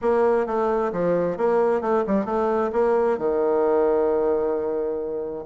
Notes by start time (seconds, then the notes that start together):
0.01 A#3
0.46 A3
0.92 F3
1.37 A#3
1.81 A3
2.06 G3
2.25 A3
2.72 A#3
3.17 D#3